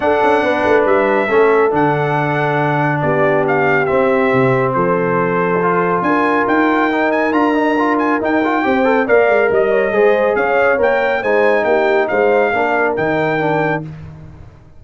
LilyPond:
<<
  \new Staff \with { instrumentName = "trumpet" } { \time 4/4 \tempo 4 = 139 fis''2 e''2 | fis''2. d''4 | f''4 e''2 c''4~ | c''2 gis''4 g''4~ |
g''8 gis''8 ais''4. gis''8 g''4~ | g''4 f''4 dis''2 | f''4 g''4 gis''4 g''4 | f''2 g''2 | }
  \new Staff \with { instrumentName = "horn" } { \time 4/4 a'4 b'2 a'4~ | a'2. g'4~ | g'2. a'4~ | a'2 ais'2~ |
ais'1 | c''4 d''4 dis''8 cis''8 c''4 | cis''2 c''4 g'4 | c''4 ais'2. | }
  \new Staff \with { instrumentName = "trombone" } { \time 4/4 d'2. cis'4 | d'1~ | d'4 c'2.~ | c'4 f'2. |
dis'4 f'8 dis'8 f'4 dis'8 f'8 | g'8 a'8 ais'2 gis'4~ | gis'4 ais'4 dis'2~ | dis'4 d'4 dis'4 d'4 | }
  \new Staff \with { instrumentName = "tuba" } { \time 4/4 d'8 cis'8 b8 a8 g4 a4 | d2. b4~ | b4 c'4 c4 f4~ | f2 d'4 dis'4~ |
dis'4 d'2 dis'4 | c'4 ais8 gis8 g4 gis4 | cis'4 ais4 gis4 ais4 | gis4 ais4 dis2 | }
>>